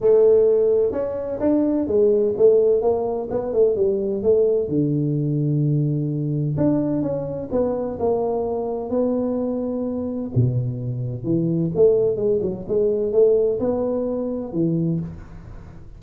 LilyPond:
\new Staff \with { instrumentName = "tuba" } { \time 4/4 \tempo 4 = 128 a2 cis'4 d'4 | gis4 a4 ais4 b8 a8 | g4 a4 d2~ | d2 d'4 cis'4 |
b4 ais2 b4~ | b2 b,2 | e4 a4 gis8 fis8 gis4 | a4 b2 e4 | }